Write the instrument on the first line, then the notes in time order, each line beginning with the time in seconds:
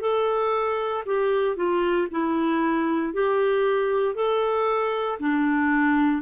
clarinet
0.00 A4
1.05 G4
1.56 F4
2.11 E4
3.13 G4
4.15 A4
5.19 D4